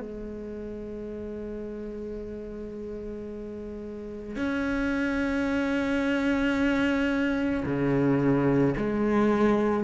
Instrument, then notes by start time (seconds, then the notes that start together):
cello
0.00 G#3
4.36 C#4
7.65 C#3
8.77 G#3